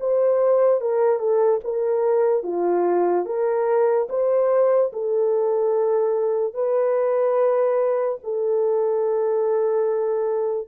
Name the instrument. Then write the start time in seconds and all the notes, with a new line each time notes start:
horn
0.00 C5
0.81 A#4
1.19 A4
1.64 A#4
2.43 F4
3.25 A#4
4.09 C5
4.93 A4
6.54 B4
8.23 A4